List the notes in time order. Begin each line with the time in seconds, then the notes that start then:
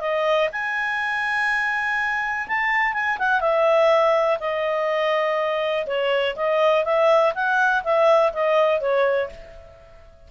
0.00 D#5
0.52 G#5
2.48 A5
2.93 G#5
3.18 F#5
3.41 E5
4.39 D#5
5.86 C#5
6.35 D#5
6.84 E5
7.35 F#5
7.83 E5
8.33 D#5
8.80 C#5